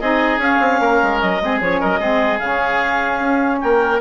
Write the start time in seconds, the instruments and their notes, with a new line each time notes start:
0.00 bassoon C4, saxophone D#4, oboe G#4, clarinet D#5
0.38 bassoon C#4, saxophone C#4, clarinet F5
0.60 bassoon C4
0.80 bassoon A#3, oboe A#4
1.03 bassoon G#3
1.20 bassoon F#3, clarinet D#5
1.42 bassoon G#3, saxophone C4, oboe G#4
1.61 bassoon F3, saxophone C#4, clarinet C#5
1.80 bassoon F#3, oboe A#4, clarinet D#5
2.00 bassoon G#3, saxophone C4, oboe G#4
2.39 bassoon C#3, saxophone C#4, clarinet F5
3.20 bassoon C#4
3.60 bassoon A#3, oboe A#4, clarinet G5